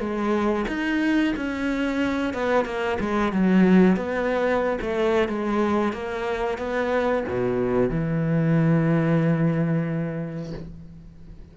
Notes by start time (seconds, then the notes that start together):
0.00 G#3
0.68 D#4
1.37 C#4
2.34 B3
2.66 A#3
3.00 G#3
3.33 F#3
3.97 B3
4.82 A3
5.29 G#3
5.93 A#3
6.58 B3
7.29 B2
7.90 E3